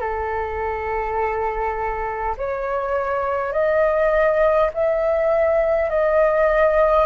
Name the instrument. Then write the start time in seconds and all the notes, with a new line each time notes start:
flute
0.00 A4
2.37 C#5
3.52 D#5
4.74 E5
5.89 D#5